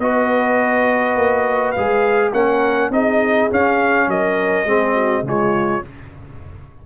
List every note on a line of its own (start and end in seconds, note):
0.00 1.16 B3
0.00 1.77 F#4
0.00 2.34 B4
0.00 1.72 D#5
1.16 1.75 A#3
1.72 2.33 G#3
1.72 2.34 G#4
1.72 2.30 F5
2.33 2.91 A#3
2.33 2.92 C#4
2.33 2.93 A#4
2.33 2.92 F#5
2.91 3.49 C4
2.91 3.50 D#4
2.91 4.10 G#4
2.91 3.51 D#5
3.51 4.67 C#4
3.51 4.08 C#4
3.51 4.10 F5
4.08 4.65 F#3
4.08 4.68 A#4
4.08 5.27 D#5
4.65 5.23 G#3
4.65 5.25 C4
4.65 4.95 G#4
4.95 5.24 F#4
5.23 5.81 C#3
5.23 5.83 G#3
5.23 5.87 F4
5.23 5.87 C#5